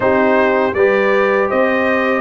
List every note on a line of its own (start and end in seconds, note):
0.00 0.74 C4
0.00 0.72 D#4
0.00 0.76 G4
0.00 0.74 C5
0.74 1.49 G3
0.74 2.20 G4
0.74 1.49 B4
0.74 1.49 D5
1.49 2.20 C4
1.49 2.20 C5
1.49 2.20 D#5